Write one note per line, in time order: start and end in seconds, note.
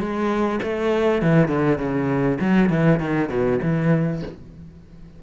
0.00 0.60 G#3
0.63 1.22 A3
1.22 1.48 E3
1.48 1.78 D3
1.78 2.38 C#3
2.41 2.70 F#3
2.70 3.00 E3
3.00 3.29 D#3
3.29 3.59 B2
3.63 4.23 E3